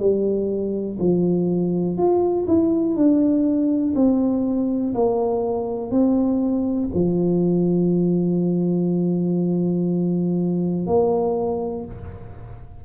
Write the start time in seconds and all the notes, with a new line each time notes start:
0.00 G3
1.00 F3
1.98 F4
2.48 E4
2.96 D4
3.96 C4
4.95 A#3
5.92 C4
6.95 F3
10.87 A#3